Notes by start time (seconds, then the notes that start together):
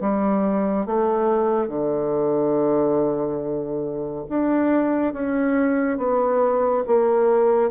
0.00 G3
0.86 A3
1.68 D3
4.29 D4
5.13 C#4
5.98 B3
6.86 A#3